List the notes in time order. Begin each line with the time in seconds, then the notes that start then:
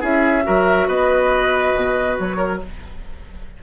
0.00 C#4 E4 G#4 E5
0.43 F#3 F#4 A#4
0.87 B3 B4 D#5
1.74 B2
2.19 F#3 C#5
2.37 A#4